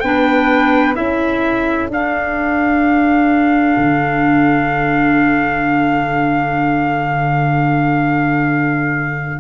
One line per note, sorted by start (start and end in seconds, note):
0.00 0.97 B3
0.00 0.95 D4
0.00 0.96 B4
0.00 0.94 G5
0.95 1.89 C#4
0.95 1.88 E4
0.95 9.40 A4
0.95 1.89 E5
1.89 3.77 D4
1.89 9.40 D4
1.89 9.40 F5
3.77 9.40 D3